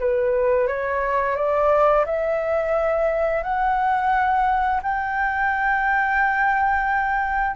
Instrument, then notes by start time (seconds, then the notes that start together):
flute
0.00 B4
0.68 C#5
1.36 D5
2.06 E5
3.43 F#5
4.83 G5